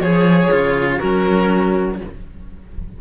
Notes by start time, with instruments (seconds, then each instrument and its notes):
0.00 cello F3 G#4, clarinet G#4, violin C#5
0.51 cello C#3 F4
0.98 cello F#3 C#4, clarinet F#4, violin A#4